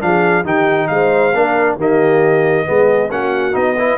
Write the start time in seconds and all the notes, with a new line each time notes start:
0.00 F3 D4 G#4 F5
0.43 D#3 D#4 G4 G5
0.88 G#3 C5 F5
1.34 A#3 D4 A#4
1.77 D#3 A#3 G4 D#5
2.65 G#3 B3 G#4
3.11 A#3 C#4 F#4 F#5
3.53 B3 D#4 D#5
3.77 E4 B4